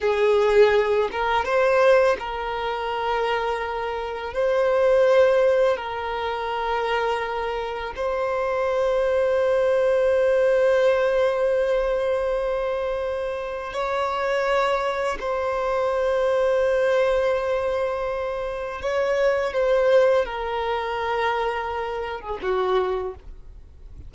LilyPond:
\new Staff \with { instrumentName = "violin" } { \time 4/4 \tempo 4 = 83 gis'4. ais'8 c''4 ais'4~ | ais'2 c''2 | ais'2. c''4~ | c''1~ |
c''2. cis''4~ | cis''4 c''2.~ | c''2 cis''4 c''4 | ais'2~ ais'8. gis'16 fis'4 | }